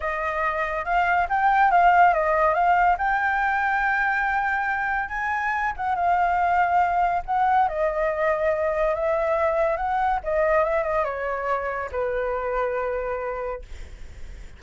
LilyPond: \new Staff \with { instrumentName = "flute" } { \time 4/4 \tempo 4 = 141 dis''2 f''4 g''4 | f''4 dis''4 f''4 g''4~ | g''1 | gis''4. fis''8 f''2~ |
f''4 fis''4 dis''2~ | dis''4 e''2 fis''4 | dis''4 e''8 dis''8 cis''2 | b'1 | }